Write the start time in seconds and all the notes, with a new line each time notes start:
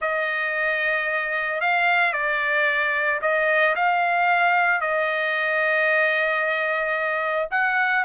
0.01 D#5
1.60 F5
2.13 D5
3.21 D#5
3.75 F5
4.80 D#5
7.50 F#5